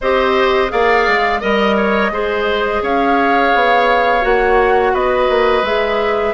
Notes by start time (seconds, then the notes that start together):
0.01 C4 G4 C5 D#5
0.68 A#3 G#4 D5 F5
1.07 G#3
1.40 G3 A#4 D#5
1.76 C#5
2.11 G#3 G#4 C5
2.81 C#4 C#5 F5
3.54 B3
4.21 A#3 F#4 F#5
4.93 B3 B4 D#5
5.28 A#3
5.62 G#3 G#4 E5